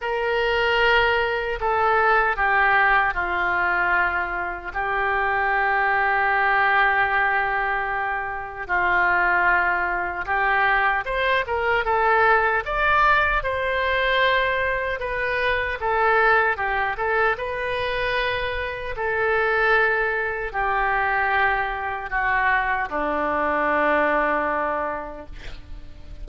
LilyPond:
\new Staff \with { instrumentName = "oboe" } { \time 4/4 \tempo 4 = 76 ais'2 a'4 g'4 | f'2 g'2~ | g'2. f'4~ | f'4 g'4 c''8 ais'8 a'4 |
d''4 c''2 b'4 | a'4 g'8 a'8 b'2 | a'2 g'2 | fis'4 d'2. | }